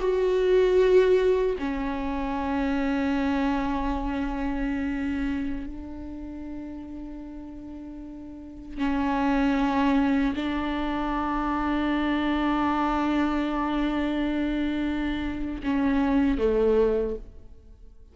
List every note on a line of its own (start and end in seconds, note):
0.00 1.56 F#4
1.59 5.66 C#4
5.66 8.78 D4
8.78 10.34 C#4
10.36 15.62 D4
15.63 16.38 C#4
16.38 17.16 A3